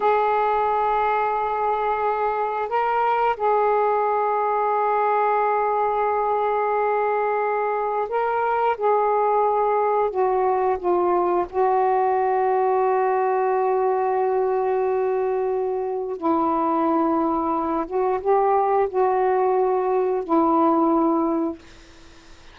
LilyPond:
\new Staff \with { instrumentName = "saxophone" } { \time 4/4 \tempo 4 = 89 gis'1 | ais'4 gis'2.~ | gis'1 | ais'4 gis'2 fis'4 |
f'4 fis'2.~ | fis'1 | e'2~ e'8 fis'8 g'4 | fis'2 e'2 | }